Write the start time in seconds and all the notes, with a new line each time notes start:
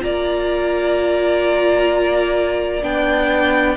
0.00 A#3 F4 D5 A#5
2.83 B3 D4 G5